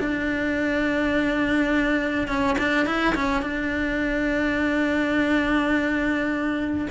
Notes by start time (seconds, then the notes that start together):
0.00 D4
2.28 C#4
2.58 D4
2.86 E4
3.15 C#4
3.42 D4